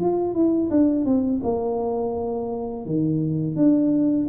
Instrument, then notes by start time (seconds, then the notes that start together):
tuba
0.00 F4
0.34 E4
0.70 D4
1.05 C4
1.43 A#3
2.85 D#3
3.56 D4